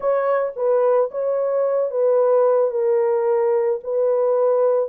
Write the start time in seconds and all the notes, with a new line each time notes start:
0.00 C#5
0.56 B4
1.11 C#5
1.91 B4
2.70 A#4
3.83 B4